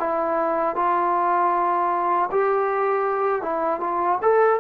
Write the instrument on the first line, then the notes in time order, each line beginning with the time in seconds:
trombone
0.00 E4
0.76 F4
2.31 G4
3.42 E4
3.80 F4
4.22 A4